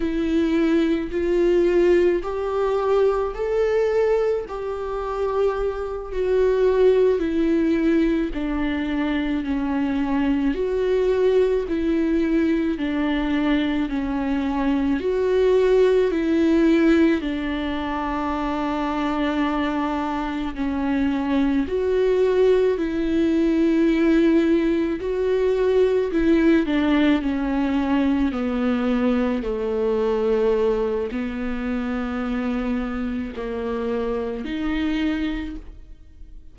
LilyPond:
\new Staff \with { instrumentName = "viola" } { \time 4/4 \tempo 4 = 54 e'4 f'4 g'4 a'4 | g'4. fis'4 e'4 d'8~ | d'8 cis'4 fis'4 e'4 d'8~ | d'8 cis'4 fis'4 e'4 d'8~ |
d'2~ d'8 cis'4 fis'8~ | fis'8 e'2 fis'4 e'8 | d'8 cis'4 b4 a4. | b2 ais4 dis'4 | }